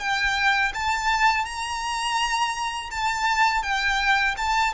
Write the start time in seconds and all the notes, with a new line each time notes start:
0.00 G5
0.74 A5
1.45 A#5
2.91 A5
3.63 G5
4.37 A5